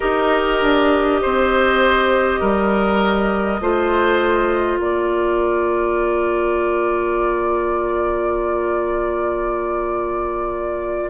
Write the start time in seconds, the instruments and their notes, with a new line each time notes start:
0.00 bassoon D#4, clarinet G4, oboe A#4, flute D#5
0.61 bassoon D4
1.22 bassoon C4, oboe C5
2.40 bassoon G3, oboe A#4
3.60 bassoon A3, clarinet F4, oboe C5
4.79 bassoon A#3, oboe A#4, flute D5